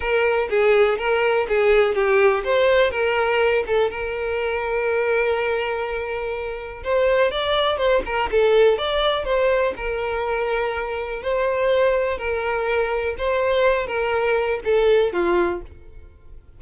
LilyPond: \new Staff \with { instrumentName = "violin" } { \time 4/4 \tempo 4 = 123 ais'4 gis'4 ais'4 gis'4 | g'4 c''4 ais'4. a'8 | ais'1~ | ais'2 c''4 d''4 |
c''8 ais'8 a'4 d''4 c''4 | ais'2. c''4~ | c''4 ais'2 c''4~ | c''8 ais'4. a'4 f'4 | }